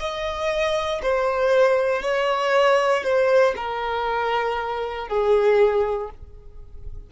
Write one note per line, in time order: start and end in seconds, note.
0.00 1.02 D#5
1.02 2.02 C5
2.02 3.03 C#5
3.03 3.54 C5
3.56 5.08 A#4
5.08 6.10 G#4